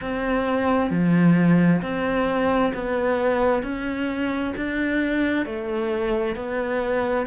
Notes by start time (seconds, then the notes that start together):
0.01 C4
0.90 F3
1.82 C4
2.74 B3
3.62 C#4
4.56 D4
5.45 A3
6.35 B3